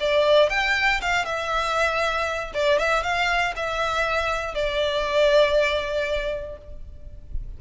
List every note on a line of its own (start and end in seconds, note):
0.00 0.50 D5
0.50 1.01 G5
1.01 1.25 F5
1.25 2.52 E5
2.54 2.79 D5
2.79 3.03 E5
3.03 3.54 F5
3.56 4.54 E5
4.54 6.58 D5